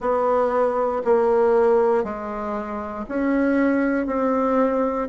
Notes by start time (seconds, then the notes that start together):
0.00 B3
1.04 A#3
2.03 G#3
3.08 C#4
4.06 C4